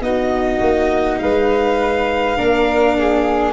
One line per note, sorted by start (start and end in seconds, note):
0.00 0.59 B3
0.00 2.37 D#4
0.00 1.20 F#4
0.00 1.18 D#5
0.60 1.19 A#3
1.18 2.37 G#3
1.18 2.37 B4
1.18 3.52 F5
2.37 3.52 A#3
2.37 3.52 D4
2.37 2.96 A#4
2.98 3.52 G#4